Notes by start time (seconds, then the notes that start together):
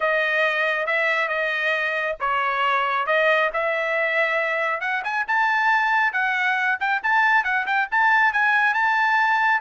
0.00 D#5
0.86 E5
1.28 D#5
2.20 C#5
3.06 D#5
3.53 E5
4.81 F#5
5.04 G#5
5.27 A5
6.12 F#5
6.80 G5
7.03 A5
7.44 F#5
7.66 G5
7.91 A5
8.32 G#5
8.74 A5